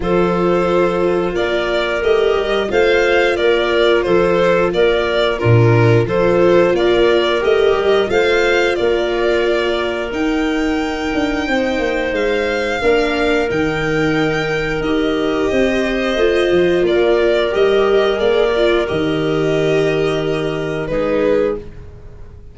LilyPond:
<<
  \new Staff \with { instrumentName = "violin" } { \time 4/4 \tempo 4 = 89 c''2 d''4 dis''4 | f''4 d''4 c''4 d''4 | ais'4 c''4 d''4 dis''4 | f''4 d''2 g''4~ |
g''2 f''2 | g''2 dis''2~ | dis''4 d''4 dis''4 d''4 | dis''2. b'4 | }
  \new Staff \with { instrumentName = "clarinet" } { \time 4/4 a'2 ais'2 | c''4 ais'4 a'4 ais'4 | f'4 a'4 ais'2 | c''4 ais'2.~ |
ais'4 c''2 ais'4~ | ais'2. c''4~ | c''4 ais'2.~ | ais'2. gis'4 | }
  \new Staff \with { instrumentName = "viola" } { \time 4/4 f'2. g'4 | f'1 | d'4 f'2 g'4 | f'2. dis'4~ |
dis'2. d'4 | dis'2 g'2 | f'2 g'4 gis'8 f'8 | g'2. dis'4 | }
  \new Staff \with { instrumentName = "tuba" } { \time 4/4 f2 ais4 a8 g8 | a4 ais4 f4 ais4 | ais,4 f4 ais4 a8 g8 | a4 ais2 dis'4~ |
dis'8 d'8 c'8 ais8 gis4 ais4 | dis2 dis'4 c'4 | a8 f8 ais4 g4 ais4 | dis2. gis4 | }
>>